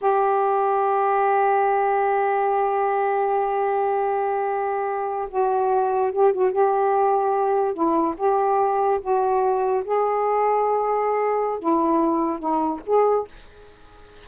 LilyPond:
\new Staff \with { instrumentName = "saxophone" } { \time 4/4 \tempo 4 = 145 g'1~ | g'1~ | g'1~ | g'8. fis'2 g'8 fis'8 g'16~ |
g'2~ g'8. e'4 g'16~ | g'4.~ g'16 fis'2 gis'16~ | gis'1 | e'2 dis'4 gis'4 | }